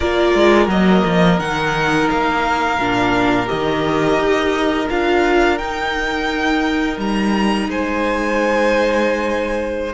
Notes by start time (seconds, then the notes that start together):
0.00 A#3 F4 A#4 D5
0.34 G#3
0.67 F#3 A#3 D#5
1.05 F3
1.39 D#3 D#4 F#5
2.09 A#3 F5
2.78 A#2 D4
3.46 D#3 G4 D#5
4.17 D#4
4.89 D4 F4 F5
5.57 D#4 G5
6.97 G3 A#5
7.67 G#3 C5 G#5